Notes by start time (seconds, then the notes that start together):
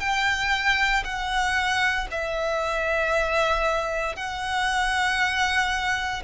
0.00 G5
1.04 F#5
2.11 E5
4.16 F#5